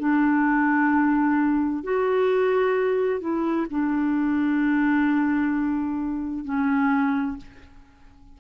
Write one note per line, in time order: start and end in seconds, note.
0.00 1.84 D4
1.84 3.21 F#4
3.21 3.67 E4
3.71 6.45 D4
6.45 7.37 C#4